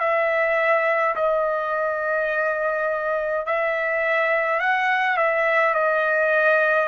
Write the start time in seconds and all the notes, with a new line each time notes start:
0.00 E5
1.16 D#5
3.47 E5
4.60 F#5
5.18 E5
5.75 D#5